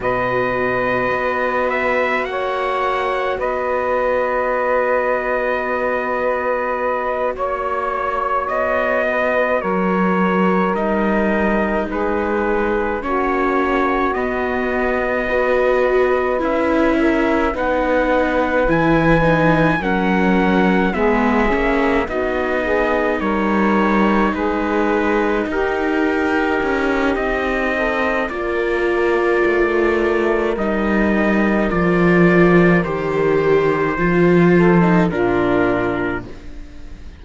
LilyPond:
<<
  \new Staff \with { instrumentName = "trumpet" } { \time 4/4 \tempo 4 = 53 dis''4. e''8 fis''4 dis''4~ | dis''2~ dis''8 cis''4 dis''8~ | dis''8 cis''4 dis''4 b'4 cis''8~ | cis''8 dis''2 e''4 fis''8~ |
fis''8 gis''4 fis''4 e''4 dis''8~ | dis''8 cis''4 b'4 ais'4. | dis''4 d''2 dis''4 | d''4 c''2 ais'4 | }
  \new Staff \with { instrumentName = "saxophone" } { \time 4/4 b'2 cis''4 b'4~ | b'2~ b'8 cis''4. | b'8 ais'2 gis'4 fis'8~ | fis'4. b'4. ais'8 b'8~ |
b'4. ais'4 gis'4 fis'8 | gis'8 ais'4 gis'4 g'4.~ | g'8 a'8 ais'2.~ | ais'2~ ais'8 a'8 f'4 | }
  \new Staff \with { instrumentName = "viola" } { \time 4/4 fis'1~ | fis'1~ | fis'4. dis'2 cis'8~ | cis'8 b4 fis'4 e'4 dis'8~ |
dis'8 e'8 dis'8 cis'4 b8 cis'8 dis'8~ | dis'1~ | dis'4 f'2 dis'4 | f'4 g'4 f'8. dis'16 d'4 | }
  \new Staff \with { instrumentName = "cello" } { \time 4/4 b,4 b4 ais4 b4~ | b2~ b8 ais4 b8~ | b8 fis4 g4 gis4 ais8~ | ais8 b2 cis'4 b8~ |
b8 e4 fis4 gis8 ais8 b8~ | b8 g4 gis4 dis'4 cis'8 | c'4 ais4 a4 g4 | f4 dis4 f4 ais,4 | }
>>